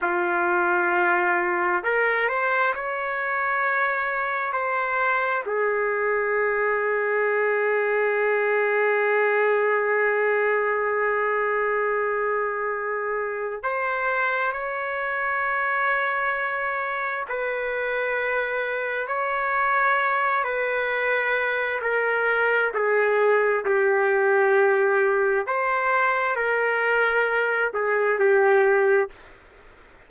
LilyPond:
\new Staff \with { instrumentName = "trumpet" } { \time 4/4 \tempo 4 = 66 f'2 ais'8 c''8 cis''4~ | cis''4 c''4 gis'2~ | gis'1~ | gis'2. c''4 |
cis''2. b'4~ | b'4 cis''4. b'4. | ais'4 gis'4 g'2 | c''4 ais'4. gis'8 g'4 | }